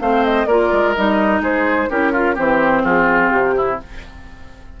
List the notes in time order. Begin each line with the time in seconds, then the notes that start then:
0.00 A3 C4 C5 F5
0.24 D#5
0.46 A#3 F4 A#4 D5
0.72 G#3
0.95 G3 D#4 D#5
1.41 G#3 G#4 C5
1.89 C#4 E4 G4 A#4
2.12 F4
2.35 E3 C4 G4 C5
2.83 F3 F4 G#4
3.31 C3 G4
3.56 E4